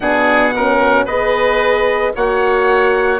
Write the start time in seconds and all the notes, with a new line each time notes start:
0.00 B2 D4 G#4 F#5
0.55 C#4 A#4
1.05 B3 G#4 B4 D#5
2.15 A#3 F#4 C#5 F#5